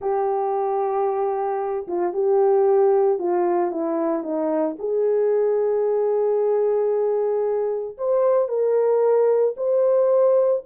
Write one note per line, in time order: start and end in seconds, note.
0.01 1.87 G4
1.87 2.13 F4
2.13 3.18 G4
3.18 3.71 F4
3.71 4.23 E4
4.23 4.76 D#4
4.78 7.97 G#4
7.97 8.48 C5
8.48 9.54 A#4
9.56 10.63 C5